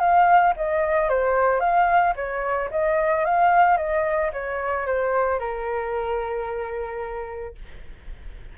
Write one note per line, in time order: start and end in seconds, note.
0.00 0.54 F5
0.57 1.10 D#5
1.10 1.60 C5
1.60 2.14 F5
2.16 2.70 C#5
2.71 3.25 D#5
3.25 3.78 F5
3.78 4.32 D#5
4.33 4.87 C#5
4.87 5.39 C5
5.39 7.56 A#4